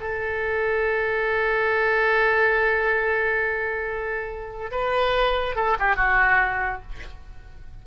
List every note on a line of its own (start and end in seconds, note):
0.00 4.71 A4
4.71 5.55 B4
5.55 5.77 A4
5.79 5.96 G4
5.96 6.82 F#4